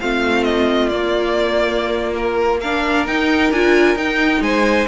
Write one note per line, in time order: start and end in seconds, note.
0.00 0.92 A3
0.00 0.91 C4
0.00 2.61 F4
0.00 0.44 F5
0.44 0.89 D#5
0.89 2.61 A#3
0.89 3.08 A#3
0.89 2.14 D5
2.15 2.61 A#4
2.61 3.08 D4
2.61 4.42 A#4
2.61 3.07 F5
3.07 3.52 D#4
3.07 3.54 D#4
3.07 3.52 G5
3.52 3.96 D4
3.52 3.97 F4
3.52 3.98 G#5
3.96 4.41 D#4
3.96 4.88 D#4
3.96 4.43 G5
4.41 4.86 G#3
4.41 4.88 C5
4.41 4.88 G#5